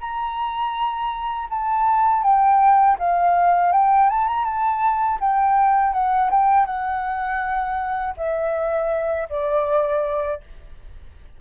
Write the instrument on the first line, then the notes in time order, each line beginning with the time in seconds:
flute
0.00 A#5
1.50 A5
2.23 G5
2.99 F5
3.72 G5
4.09 A5
4.28 A#5
4.45 A5
5.20 G5
5.93 F#5
6.30 G5
6.66 F#5
8.17 E5
9.29 D5